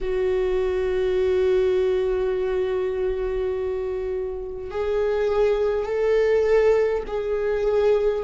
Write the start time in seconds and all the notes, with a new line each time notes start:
0.00 F#4
4.71 G#4
5.85 A4
7.07 G#4